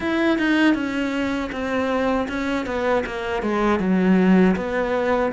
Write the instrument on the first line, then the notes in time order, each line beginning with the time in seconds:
cello
0.00 E4
0.38 D#4
0.74 C#4
1.52 C4
2.28 C#4
2.65 B3
3.06 A#3
3.42 G#3
3.79 F#3
4.56 B3